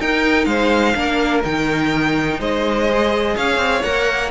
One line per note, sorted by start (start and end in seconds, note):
0.00 0.46 D#4
0.00 0.95 D#4
0.00 0.48 A#4
0.00 0.45 G5
0.45 0.94 G#3
0.45 0.97 C5
0.45 1.41 F5
0.95 1.44 A#3
0.95 1.43 D4
0.95 2.40 A#4
1.45 2.40 D#3
1.45 2.90 D#4
1.45 2.41 G5
2.40 3.36 G#3
2.40 3.36 C5
2.40 3.37 D#5
2.90 3.83 G#4
3.36 3.58 C#4
3.36 4.31 C#5
3.36 3.83 F5
3.58 3.81 C4
3.83 4.31 A#3
3.83 4.31 A#4
3.83 4.31 F#5